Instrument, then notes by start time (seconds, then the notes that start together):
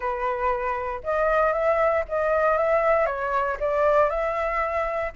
flute
0.00 B4
1.03 D#5
1.52 E5
2.08 D#5
2.57 E5
3.06 C#5
3.60 D5
4.09 E5